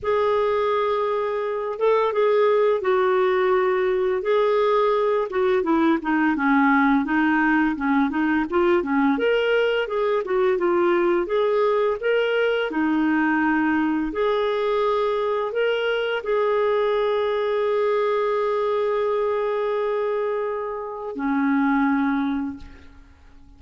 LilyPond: \new Staff \with { instrumentName = "clarinet" } { \time 4/4 \tempo 4 = 85 gis'2~ gis'8 a'8 gis'4 | fis'2 gis'4. fis'8 | e'8 dis'8 cis'4 dis'4 cis'8 dis'8 | f'8 cis'8 ais'4 gis'8 fis'8 f'4 |
gis'4 ais'4 dis'2 | gis'2 ais'4 gis'4~ | gis'1~ | gis'2 cis'2 | }